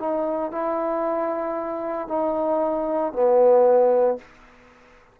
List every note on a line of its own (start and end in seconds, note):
0.00 0.52 D#4
0.52 2.08 E4
2.08 3.13 D#4
3.13 4.18 B3